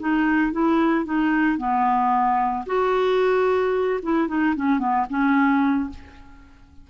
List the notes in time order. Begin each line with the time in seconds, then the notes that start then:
0.00 D#4
0.52 E4
1.05 D#4
1.58 B3
2.66 F#4
4.03 E4
4.28 D#4
4.56 C#4
4.79 B3
5.09 C#4